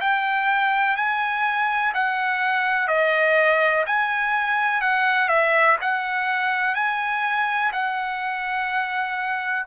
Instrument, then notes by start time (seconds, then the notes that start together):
trumpet
0.00 G5
0.96 G#5
1.94 F#5
2.87 D#5
3.86 G#5
4.81 F#5
5.28 E5
5.81 F#5
6.74 G#5
7.72 F#5